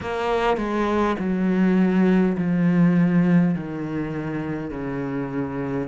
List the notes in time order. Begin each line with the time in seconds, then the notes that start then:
0.00 A#3
0.57 G#3
1.19 F#3
2.37 F3
3.55 D#3
4.70 C#3